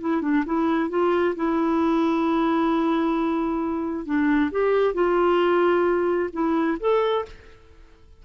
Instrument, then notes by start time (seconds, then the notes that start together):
clarinet
0.00 E4
0.21 D4
0.45 E4
0.89 F4
1.35 E4
4.05 D4
4.51 G4
4.94 F4
6.32 E4
6.80 A4